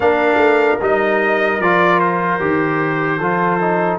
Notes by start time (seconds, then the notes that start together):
0.00 A#3 D4 A#4 F5
0.36 A3
0.81 G3 D#4 D#5
1.59 F3 F4 D5
1.99 C5
2.40 D#3 G4
3.18 F3 F4 A4
3.60 D#4